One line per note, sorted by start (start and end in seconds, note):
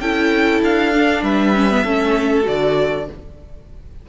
0.00 0.61 C#4
0.00 0.93 E4
0.00 1.23 A4
0.00 0.61 G5
0.62 1.22 D4
0.62 1.23 F5
0.93 1.54 D4
1.22 1.83 G3
1.22 1.83 B4
1.22 2.46 E5
1.55 1.70 C#4
1.70 1.85 B3
1.83 2.45 A3
1.83 2.43 C#4
1.83 3.06 A4
2.43 3.09 D3
2.43 3.04 F#4
2.43 3.09 D5